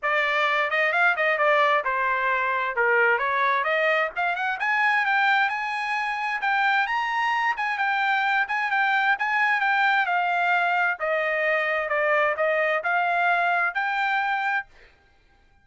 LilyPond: \new Staff \with { instrumentName = "trumpet" } { \time 4/4 \tempo 4 = 131 d''4. dis''8 f''8 dis''8 d''4 | c''2 ais'4 cis''4 | dis''4 f''8 fis''8 gis''4 g''4 | gis''2 g''4 ais''4~ |
ais''8 gis''8 g''4. gis''8 g''4 | gis''4 g''4 f''2 | dis''2 d''4 dis''4 | f''2 g''2 | }